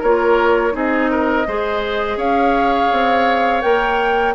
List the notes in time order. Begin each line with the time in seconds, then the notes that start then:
0.00 A#3 F4 A#4 C#5
0.71 C4 D#4 G#4 D#5
1.11 A#4
1.47 G#3 G#4 C5
2.16 C#4 C#5 F5
2.92 C4
3.61 A#3 A#4 G5